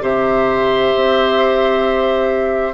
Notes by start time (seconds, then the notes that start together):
0.00 C3 G4 C5 E5
0.95 C4